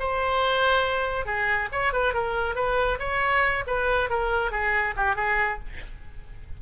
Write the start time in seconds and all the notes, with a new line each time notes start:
0.00 C5
1.26 G#4
1.72 C#5
1.93 B4
2.14 A#4
2.56 B4
3.00 C#5
3.67 B4
4.10 A#4
4.51 G#4
4.97 G4
5.16 G#4